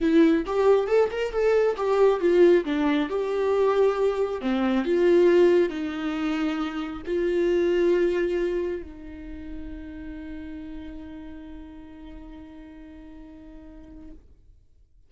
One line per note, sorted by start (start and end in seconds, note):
0.01 0.45 E4
0.46 0.87 G4
0.87 1.09 A4
1.11 1.32 A#4
1.32 1.76 A4
1.76 2.20 G4
2.20 2.64 F4
2.65 3.09 D4
3.09 4.41 G4
4.41 4.84 C4
4.84 5.69 F4
5.69 7.01 D#4
7.05 8.82 F4
8.82 14.11 D#4